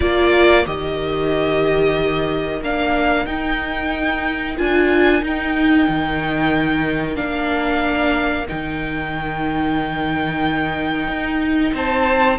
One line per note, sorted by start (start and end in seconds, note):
0.00 0.66 A#3
0.00 0.65 F4
0.00 11.73 A#4
0.00 0.65 D5
0.66 2.61 D#3
0.66 2.61 G4
0.66 2.62 D#5
2.61 3.26 A#3
2.61 3.26 D4
2.61 3.25 F5
3.25 4.57 D#4
3.25 4.56 G5
4.57 5.22 D4
4.57 5.22 F4
4.57 5.23 G#5
5.22 7.15 D#4
5.22 5.87 D#4
5.22 7.16 G5
5.88 7.17 D#3
7.15 8.47 A#3
7.15 8.45 D4
7.15 8.46 F5
8.48 11.07 D#3
8.48 12.38 D#4
8.48 11.74 G5
11.07 11.73 D#4
11.73 12.38 C4
11.73 12.38 C5
11.73 12.38 A5